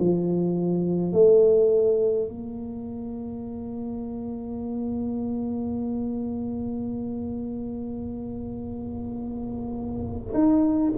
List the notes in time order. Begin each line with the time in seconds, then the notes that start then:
0.00 F3
1.13 A3
2.28 A#3
10.34 D#4